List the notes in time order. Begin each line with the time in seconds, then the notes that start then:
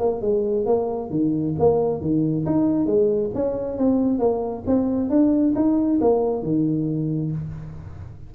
0.00 A#3
0.22 G#3
0.66 A#3
1.11 D#3
1.59 A#3
2.01 D#3
2.46 D#4
2.86 G#3
3.35 C#4
3.78 C4
4.20 A#3
4.67 C4
5.10 D4
5.56 D#4
6.01 A#3
6.43 D#3